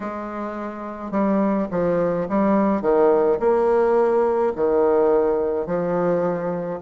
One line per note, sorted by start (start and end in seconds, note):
0.00 1.11 G#3
1.11 1.67 G3
1.70 2.27 F3
2.28 2.81 G3
2.81 3.38 D#3
3.39 4.52 A#3
4.55 5.66 D#3
5.66 6.79 F3